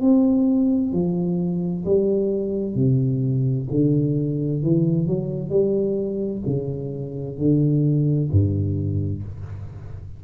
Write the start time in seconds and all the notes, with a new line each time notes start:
0.00 C4
0.92 F3
1.85 G3
2.75 C3
3.70 D3
4.62 E3
5.06 F#3
5.49 G3
6.46 C#3
7.37 D3
8.31 G2